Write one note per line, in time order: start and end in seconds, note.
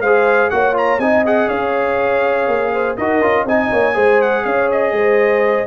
0.00 0.49 G#3
0.00 0.51 G#4
0.00 0.50 C5
0.00 0.50 F5
0.50 0.98 A#3
0.50 0.73 F#4
0.50 1.01 C#5
0.50 0.75 F#5
0.73 0.98 F4
0.73 0.99 A#5
0.98 1.48 C4
0.98 1.25 D#4
0.98 1.48 D#5
0.98 1.24 G#5
1.25 2.97 G#4
1.25 1.49 F#5
1.48 2.47 C#4
1.48 2.71 C#5
1.48 2.96 F5
2.47 2.97 A#3
2.73 2.97 C5
2.97 3.21 D#4
2.97 3.21 F#4
2.97 3.45 A#4
2.97 3.46 D#5
3.21 3.45 C#4
3.21 3.46 F4
3.45 3.69 C4
3.45 3.94 D#4
3.45 3.70 D#5
3.45 4.21 G#5
3.71 3.96 A#3
3.71 3.95 C#5
3.94 4.45 G#3
3.94 5.66 G#4
3.94 4.44 C5
4.21 4.45 F#5
4.45 4.92 C#4
4.45 4.94 C#5
4.45 4.69 F5
4.71 5.67 D#5
4.92 5.66 G#3
4.92 5.67 C5